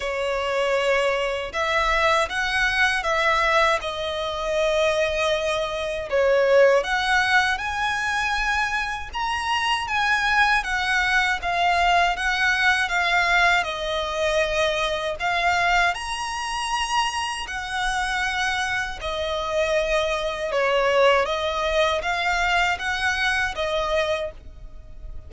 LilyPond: \new Staff \with { instrumentName = "violin" } { \time 4/4 \tempo 4 = 79 cis''2 e''4 fis''4 | e''4 dis''2. | cis''4 fis''4 gis''2 | ais''4 gis''4 fis''4 f''4 |
fis''4 f''4 dis''2 | f''4 ais''2 fis''4~ | fis''4 dis''2 cis''4 | dis''4 f''4 fis''4 dis''4 | }